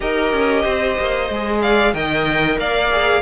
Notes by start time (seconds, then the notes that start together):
0.00 D#4 G4 A#4 D#5
0.32 C#4
0.62 C4 C5
0.98 A#3
1.29 G#3 G#4
1.61 D5 F5
1.93 D#3 A#4 D#5 G5
2.57 A#3 D5 F5
2.91 G#4